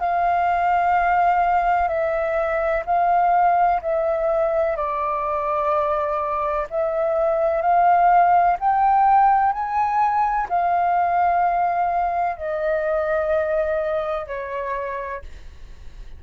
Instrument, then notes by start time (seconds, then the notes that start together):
flute
0.00 F5
1.88 E5
2.86 F5
3.82 E5
4.77 D5
6.70 E5
7.62 F5
8.60 G5
9.53 G#5
10.49 F5
12.37 D#5
14.27 C#5